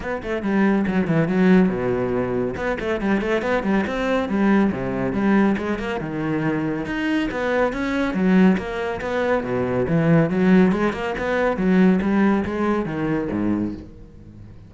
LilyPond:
\new Staff \with { instrumentName = "cello" } { \time 4/4 \tempo 4 = 140 b8 a8 g4 fis8 e8 fis4 | b,2 b8 a8 g8 a8 | b8 g8 c'4 g4 c4 | g4 gis8 ais8 dis2 |
dis'4 b4 cis'4 fis4 | ais4 b4 b,4 e4 | fis4 gis8 ais8 b4 fis4 | g4 gis4 dis4 gis,4 | }